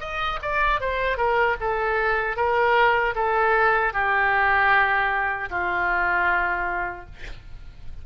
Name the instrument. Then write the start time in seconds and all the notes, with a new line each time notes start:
oboe
0.00 D#5
0.42 D5
0.80 C5
1.17 A#4
1.60 A4
2.36 A#4
3.15 A4
3.93 G4
5.50 F4